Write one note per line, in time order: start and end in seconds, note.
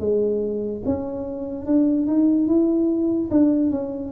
0.00 0.82 G#3
0.85 1.66 C#4
1.66 2.07 D4
2.07 2.47 D#4
2.47 3.29 E4
3.31 3.71 D4
3.71 4.12 C#4